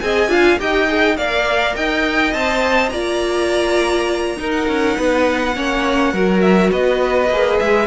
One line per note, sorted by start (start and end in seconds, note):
0.00 0.28 C4
0.00 0.29 G#4
0.00 0.30 D#5
0.00 0.58 G#5
0.28 0.57 D4
0.28 0.58 F4
0.28 0.59 F5
0.59 1.17 D#4
0.59 0.88 G4
0.59 1.18 D#5
0.59 1.17 G5
0.88 1.17 G#4
1.17 1.76 A#3
1.17 2.34 A#4
1.17 1.76 D5
1.17 1.75 F5
1.76 2.33 D#4
1.76 2.92 D#5
1.76 2.33 G5
2.33 2.92 C4
2.33 2.92 C5
2.33 2.89 A5
2.89 4.37 A#3
2.89 4.37 F4
2.89 4.38 D5
2.89 4.50 A#5
4.37 5.53 D#4
4.37 4.67 D#4
4.37 4.97 A#4
4.51 6.40 F#5
4.67 4.97 C#4
4.97 5.56 B3
4.97 5.55 B4
5.56 6.13 A#3
5.56 6.14 C#4
5.56 6.13 C#5
6.13 6.71 F#3
6.13 7.31 F#4
6.13 6.71 A#4
6.41 6.70 E5
6.72 7.30 B3
6.72 7.86 B4
6.72 7.59 D#5
7.30 7.59 A#3
7.30 7.86 G#4
7.59 7.86 G#3
7.59 7.86 E5